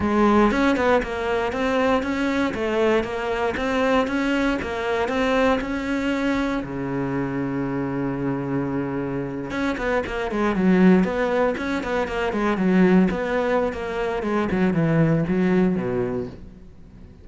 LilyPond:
\new Staff \with { instrumentName = "cello" } { \time 4/4 \tempo 4 = 118 gis4 cis'8 b8 ais4 c'4 | cis'4 a4 ais4 c'4 | cis'4 ais4 c'4 cis'4~ | cis'4 cis2.~ |
cis2~ cis8. cis'8 b8 ais16~ | ais16 gis8 fis4 b4 cis'8 b8 ais16~ | ais16 gis8 fis4 b4~ b16 ais4 | gis8 fis8 e4 fis4 b,4 | }